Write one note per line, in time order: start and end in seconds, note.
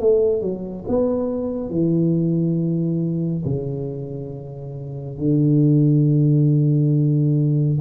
0.00 0.42 A3
0.42 0.85 F#3
0.88 1.70 B3
1.70 3.44 E3
3.45 5.18 C#3
5.18 7.79 D3